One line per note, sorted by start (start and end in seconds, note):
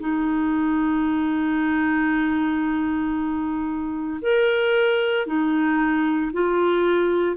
0.00 4.21 D#4
4.22 5.27 A#4
5.27 6.32 D#4
6.33 7.37 F4